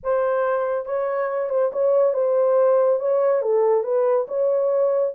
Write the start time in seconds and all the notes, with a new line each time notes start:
0.03 C5
0.85 C#5
1.49 C5
1.72 C#5
2.13 C5
2.99 C#5
3.42 A4
3.83 B4
4.28 C#5